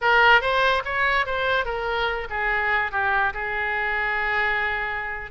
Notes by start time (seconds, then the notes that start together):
0.01 A#4
0.41 C5
0.84 C#5
1.26 C5
1.65 A#4
2.30 G#4
2.91 G4
3.33 G#4